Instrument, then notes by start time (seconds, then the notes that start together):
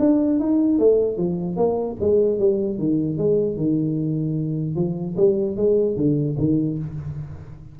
tuba
0.00 D4
0.40 D#4
0.79 A3
1.18 F3
1.57 A#3
2.01 G#3
2.39 G3
2.79 D#3
3.18 G#3
3.57 D#3
4.76 F3
5.17 G3
5.57 G#3
5.97 D3
6.39 D#3